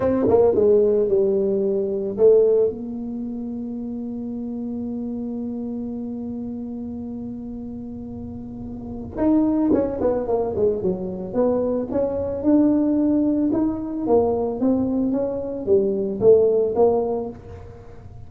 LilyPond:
\new Staff \with { instrumentName = "tuba" } { \time 4/4 \tempo 4 = 111 c'8 ais8 gis4 g2 | a4 ais2.~ | ais1~ | ais1~ |
ais4 dis'4 cis'8 b8 ais8 gis8 | fis4 b4 cis'4 d'4~ | d'4 dis'4 ais4 c'4 | cis'4 g4 a4 ais4 | }